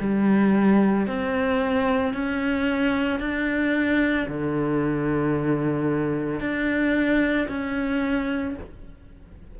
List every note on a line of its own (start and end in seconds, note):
0.00 1.07 G3
1.07 2.14 C4
2.14 3.20 C#4
3.20 4.27 D4
4.28 6.40 D3
6.40 7.48 D4
7.49 8.56 C#4